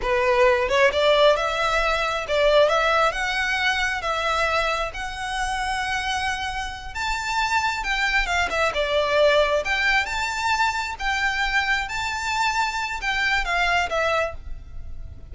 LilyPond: \new Staff \with { instrumentName = "violin" } { \time 4/4 \tempo 4 = 134 b'4. cis''8 d''4 e''4~ | e''4 d''4 e''4 fis''4~ | fis''4 e''2 fis''4~ | fis''2.~ fis''8 a''8~ |
a''4. g''4 f''8 e''8 d''8~ | d''4. g''4 a''4.~ | a''8 g''2 a''4.~ | a''4 g''4 f''4 e''4 | }